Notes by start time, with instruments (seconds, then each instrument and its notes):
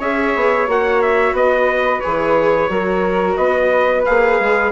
0.00 bassoon C#4, viola G#4, flute C#5, trumpet E5
0.36 bassoon B3
0.68 bassoon A#3, viola F#4, trumpet F#5
1.02 trumpet E5
1.33 bassoon B3, flute B4, trumpet D#5
2.01 bassoon E3, viola G#4, trumpet C#5
2.69 bassoon F#3, viola F#4, flute A#4
3.37 bassoon B3, flute B4, trumpet D#5
4.06 bassoon A#3, viola G#4, trumpet F5
4.40 bassoon G#3